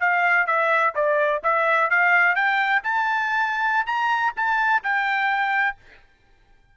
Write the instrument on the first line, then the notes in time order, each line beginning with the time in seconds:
trumpet
0.00 F5
0.46 E5
0.95 D5
1.43 E5
1.90 F5
2.35 G5
2.83 A5
3.86 A#5
4.36 A5
4.83 G5